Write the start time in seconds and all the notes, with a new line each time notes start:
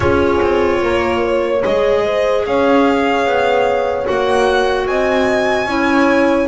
0.00 C#4 F4 G#4 C#5
0.41 C4
0.82 A#3 A#4
1.22 C#5
1.64 G#3 G#4 D#5
2.04 C5
2.46 C#4 C#5 F5
3.25 B3
4.04 A#3 F#4 F#5
4.86 C4 D#5 G#5
5.65 C#4 E4 C#5